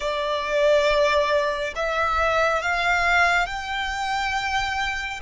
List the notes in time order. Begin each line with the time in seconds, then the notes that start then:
0.00 D5
1.75 E5
2.62 F5
3.46 G5